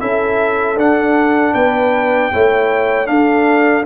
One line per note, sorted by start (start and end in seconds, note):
0.00 0.77 C#4
0.00 0.77 E4
0.00 1.54 A4
0.00 0.78 E5
0.77 1.54 D4
0.77 2.33 D4
0.77 1.54 F#5
1.54 2.32 B3
1.54 2.31 B4
1.54 3.07 G5
2.33 3.09 A3
2.33 3.06 E4
2.33 3.10 C#5
3.06 3.83 D4
3.06 3.86 D4
3.06 3.86 A4
3.06 3.84 F5